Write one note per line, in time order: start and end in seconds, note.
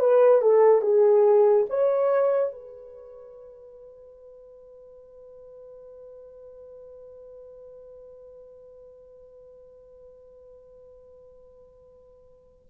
0.00 0.41 B4
0.41 0.81 A4
0.81 1.66 G#4
1.69 2.52 C#5
2.52 12.66 B4